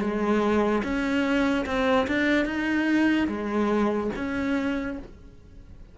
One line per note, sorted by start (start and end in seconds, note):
0.00 0.82 G#3
0.83 1.66 C#4
1.66 2.07 C4
2.07 2.45 D4
2.45 3.27 D#4
3.28 4.10 G#3
4.16 4.98 C#4